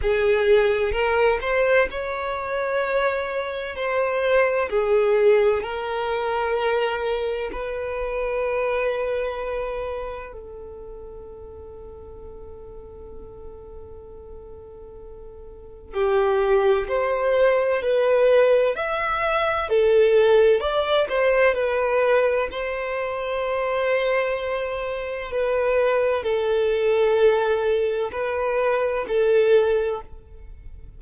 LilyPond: \new Staff \with { instrumentName = "violin" } { \time 4/4 \tempo 4 = 64 gis'4 ais'8 c''8 cis''2 | c''4 gis'4 ais'2 | b'2. a'4~ | a'1~ |
a'4 g'4 c''4 b'4 | e''4 a'4 d''8 c''8 b'4 | c''2. b'4 | a'2 b'4 a'4 | }